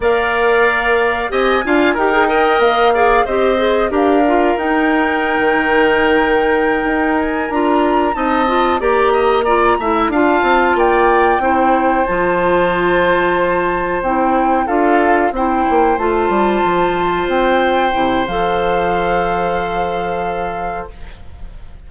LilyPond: <<
  \new Staff \with { instrumentName = "flute" } { \time 4/4 \tempo 4 = 92 f''2 gis''4 g''4 | f''4 dis''4 f''4 g''4~ | g''2. gis''8 ais''8~ | ais''8 a''4 ais''2 a''8~ |
a''8 g''2 a''4.~ | a''4. g''4 f''4 g''8~ | g''8 a''2 g''4. | f''1 | }
  \new Staff \with { instrumentName = "oboe" } { \time 4/4 d''2 dis''8 f''8 ais'8 dis''8~ | dis''8 d''8 c''4 ais'2~ | ais'1~ | ais'8 dis''4 d''8 dis''8 d''8 e''8 f''8~ |
f''8 d''4 c''2~ c''8~ | c''2~ c''8 a'4 c''8~ | c''1~ | c''1 | }
  \new Staff \with { instrumentName = "clarinet" } { \time 4/4 ais'2 g'8 f'8 g'16 gis'16 ais'8~ | ais'8 gis'8 g'8 gis'8 g'8 f'8 dis'4~ | dis'2.~ dis'8 f'8~ | f'8 dis'8 f'8 g'4 f'8 e'8 f'8~ |
f'4. e'4 f'4.~ | f'4. e'4 f'4 e'8~ | e'8 f'2. e'8 | a'1 | }
  \new Staff \with { instrumentName = "bassoon" } { \time 4/4 ais2 c'8 d'8 dis'4 | ais4 c'4 d'4 dis'4~ | dis'16 dis2~ dis16 dis'4 d'8~ | d'8 c'4 ais4. a8 d'8 |
c'8 ais4 c'4 f4.~ | f4. c'4 d'4 c'8 | ais8 a8 g8 f4 c'4 c8 | f1 | }
>>